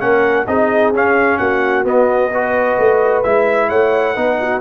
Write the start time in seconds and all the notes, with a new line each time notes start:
0.00 A#3 C#4 A#4 F#5
0.47 C4 D#4 G#4 D#5
0.93 C#4 F5
1.38 A#3 F#4 F#5
1.84 B3 D#5
2.31 F#4 B4
2.78 A3
3.23 G#3 E4 E5
3.69 A3 C#5 F#5
4.14 B3 D#4 B4
4.40 F#4